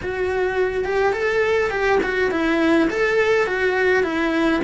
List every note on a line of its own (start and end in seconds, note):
0.02 0.84 F#4
0.84 1.12 G4
1.12 1.70 A4
1.70 1.99 G4
2.03 2.31 F#4
2.31 2.88 E4
2.90 3.46 A4
3.46 4.03 F#4
4.03 4.60 E4